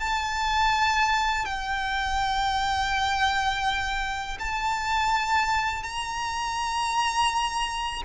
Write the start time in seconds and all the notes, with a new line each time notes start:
0.00 A5
1.46 G5
4.40 A5
5.83 A#5